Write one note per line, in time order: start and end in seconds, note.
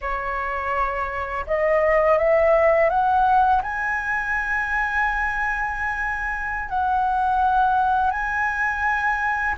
0.01 1.45 C#5
1.46 2.18 D#5
2.18 2.89 E5
2.89 3.61 F#5
3.62 6.69 G#5
6.69 8.10 F#5
8.10 9.55 G#5